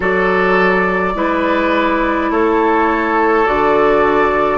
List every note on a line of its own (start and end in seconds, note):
0.00 1.14 F#3
0.00 1.14 F#4
0.00 1.13 A4
0.00 2.31 D5
1.14 2.30 G#3
1.14 3.45 E4
1.14 2.32 B4
2.30 3.46 A3
2.30 4.58 A4
2.30 3.46 C#5
3.45 4.58 D3
3.45 4.58 F#4
3.45 4.58 D5